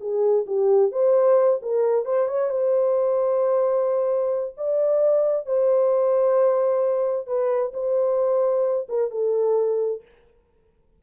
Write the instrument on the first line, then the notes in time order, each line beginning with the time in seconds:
horn
0.00 G#4
0.46 G4
0.92 C5
1.62 A#4
2.05 C5
2.27 C#5
2.50 C5
4.57 D5
5.46 C5
7.26 B4
7.73 C5
8.88 A#4
9.11 A4